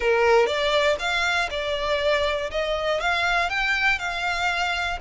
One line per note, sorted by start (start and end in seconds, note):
0.00 0.46 A#4
0.46 0.96 D5
0.99 1.49 F5
1.50 2.50 D5
2.50 3.00 D#5
3.00 3.49 F5
3.49 3.98 G5
3.98 4.98 F5